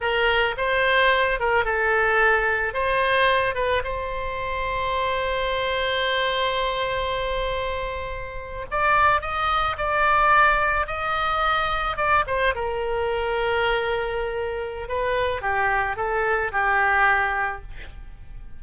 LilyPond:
\new Staff \with { instrumentName = "oboe" } { \time 4/4 \tempo 4 = 109 ais'4 c''4. ais'8 a'4~ | a'4 c''4. b'8 c''4~ | c''1~ | c''2.~ c''8. d''16~ |
d''8. dis''4 d''2 dis''16~ | dis''4.~ dis''16 d''8 c''8 ais'4~ ais'16~ | ais'2. b'4 | g'4 a'4 g'2 | }